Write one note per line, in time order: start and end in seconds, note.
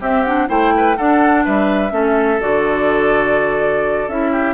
0.00 0.24 C4
0.00 0.48 C4
0.00 0.48 G4
0.00 0.24 E5
0.24 0.48 D4
0.24 0.48 F#5
0.48 0.97 A3
0.48 0.96 E4
0.48 0.73 C5
0.48 0.96 G5
0.77 0.97 B4
0.96 1.45 D4
0.96 1.90 D4
0.96 1.44 A4
0.96 1.44 F#5
1.44 1.91 G3
1.44 1.92 B4
1.44 2.41 E5
1.90 2.39 A3
1.90 2.38 C#4
1.90 4.31 A4
2.40 4.07 D3
2.40 4.08 F#4
2.40 4.09 D5
4.07 4.54 C#4
4.07 4.54 E4
4.07 4.54 E5
4.31 4.54 G4